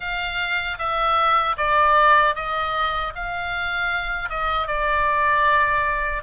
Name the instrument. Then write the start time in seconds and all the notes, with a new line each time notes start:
oboe
0.00 F5
0.78 E5
1.57 D5
2.35 D#5
3.15 F5
4.29 D#5
4.67 D5